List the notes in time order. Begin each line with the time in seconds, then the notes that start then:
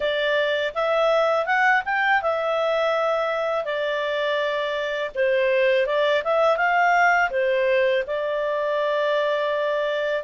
0.00 D5
0.74 E5
1.46 F#5
1.85 G5
2.22 E5
3.64 D5
5.15 C5
5.86 D5
6.24 E5
6.56 F5
7.30 C5
8.06 D5